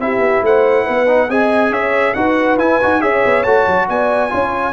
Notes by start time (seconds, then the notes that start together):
0.00 C4 E4 G4 E5
0.18 B3
0.42 A3 C5 F#5
0.84 B3 B4
1.06 D#4
1.29 C4 G#4 D#5 G#5
1.70 C#4 C#5 E5
2.14 D#4 F#4 B4 F#5
2.57 E4 G#5
2.82 D#4 F#4
3.00 C#4 G#4 C#5 E5
3.25 B3
3.43 A3 F#4 A5
3.67 F#3
3.88 B3 D5 G#5
4.29 C#4 F4 C#5